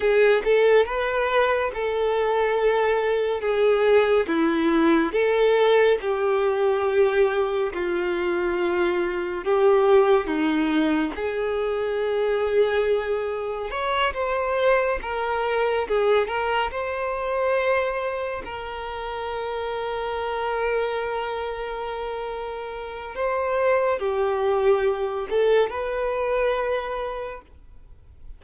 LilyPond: \new Staff \with { instrumentName = "violin" } { \time 4/4 \tempo 4 = 70 gis'8 a'8 b'4 a'2 | gis'4 e'4 a'4 g'4~ | g'4 f'2 g'4 | dis'4 gis'2. |
cis''8 c''4 ais'4 gis'8 ais'8 c''8~ | c''4. ais'2~ ais'8~ | ais'2. c''4 | g'4. a'8 b'2 | }